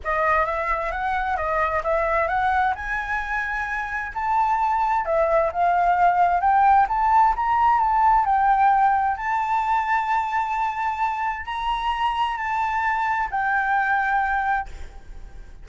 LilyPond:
\new Staff \with { instrumentName = "flute" } { \time 4/4 \tempo 4 = 131 dis''4 e''4 fis''4 dis''4 | e''4 fis''4 gis''2~ | gis''4 a''2 e''4 | f''2 g''4 a''4 |
ais''4 a''4 g''2 | a''1~ | a''4 ais''2 a''4~ | a''4 g''2. | }